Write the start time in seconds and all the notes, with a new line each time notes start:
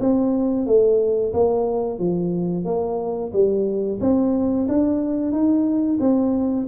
0.00 C4
0.66 A3
1.33 A#3
1.99 F3
2.65 A#3
3.33 G3
4.01 C4
4.68 D4
5.32 D#4
6.00 C4